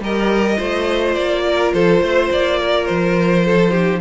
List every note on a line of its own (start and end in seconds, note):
0.00 0.57 G3
0.00 0.57 G4
0.00 0.57 A#4
0.00 1.15 D#5
0.57 1.16 A3
0.57 3.71 F4
0.57 1.43 C5
1.15 1.73 A#3
1.15 1.72 D5
1.48 1.74 A#4
1.73 2.01 F3
1.73 2.02 A4
1.73 2.30 C5
2.01 2.30 A3
2.01 2.60 C5
2.31 2.88 A#3
2.31 2.86 D5
2.60 3.45 A#4
2.86 4.01 F3
2.86 4.00 C5
3.45 3.71 A4
3.71 4.00 D#4
3.71 3.99 G4